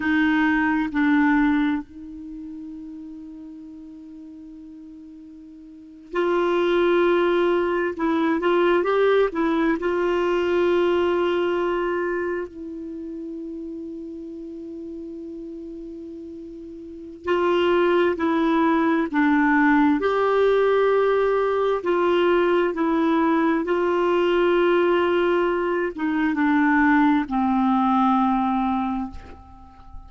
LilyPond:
\new Staff \with { instrumentName = "clarinet" } { \time 4/4 \tempo 4 = 66 dis'4 d'4 dis'2~ | dis'2~ dis'8. f'4~ f'16~ | f'8. e'8 f'8 g'8 e'8 f'4~ f'16~ | f'4.~ f'16 e'2~ e'16~ |
e'2. f'4 | e'4 d'4 g'2 | f'4 e'4 f'2~ | f'8 dis'8 d'4 c'2 | }